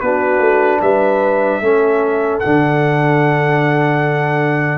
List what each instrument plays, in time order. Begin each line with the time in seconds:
0.00 tuba B3, trombone D4, horn F#4, trumpet B4
0.39 tuba A3
0.81 tuba G3, horn B4, trumpet E5
1.61 tuba A3, trombone C#4, horn A4
2.39 tuba D3, trombone D4, trumpet F#5